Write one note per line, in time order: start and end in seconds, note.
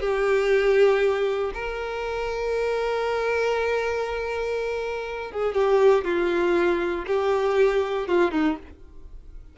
0.00 1.51 G4
1.54 5.31 A#4
5.31 5.54 G#4
5.54 6.04 G4
6.04 7.05 F4
7.06 8.07 G4
8.07 8.31 F4
8.31 8.56 D#4